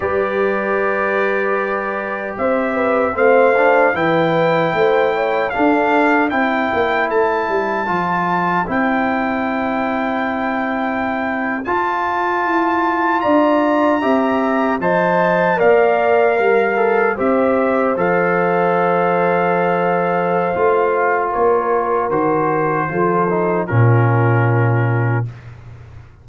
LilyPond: <<
  \new Staff \with { instrumentName = "trumpet" } { \time 4/4 \tempo 4 = 76 d''2. e''4 | f''4 g''2 f''4 | g''4 a''2 g''4~ | g''2~ g''8. a''4~ a''16~ |
a''8. ais''2 a''4 f''16~ | f''4.~ f''16 e''4 f''4~ f''16~ | f''2. cis''4 | c''2 ais'2 | }
  \new Staff \with { instrumentName = "horn" } { \time 4/4 b'2. c''8 b'8 | c''4 b'4 c''8 cis''8 a'4 | c''1~ | c''1~ |
c''8. d''4 e''4 dis''4 d''16~ | d''8. ais'4 c''2~ c''16~ | c''2. ais'4~ | ais'4 a'4 f'2 | }
  \new Staff \with { instrumentName = "trombone" } { \time 4/4 g'1 | c'8 d'8 e'2 d'4 | e'2 f'4 e'4~ | e'2~ e'8. f'4~ f'16~ |
f'4.~ f'16 g'4 c''4 ais'16~ | ais'4~ ais'16 a'8 g'4 a'4~ a'16~ | a'2 f'2 | fis'4 f'8 dis'8 cis'2 | }
  \new Staff \with { instrumentName = "tuba" } { \time 4/4 g2. c'4 | a4 e4 a4 d'4 | c'8 ais8 a8 g8 f4 c'4~ | c'2~ c'8. f'4 e'16~ |
e'8. d'4 c'4 f4 ais16~ | ais8. g4 c'4 f4~ f16~ | f2 a4 ais4 | dis4 f4 ais,2 | }
>>